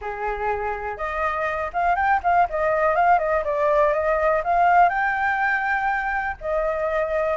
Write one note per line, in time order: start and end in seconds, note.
0.01 0.97 G#4
0.97 1.71 D#5
1.73 1.95 F5
1.95 2.20 G5
2.23 2.47 F5
2.49 2.95 D#5
2.95 3.18 F5
3.18 3.43 D#5
3.44 3.93 D5
3.93 4.42 D#5
4.44 4.89 F5
4.89 6.36 G5
6.40 7.37 D#5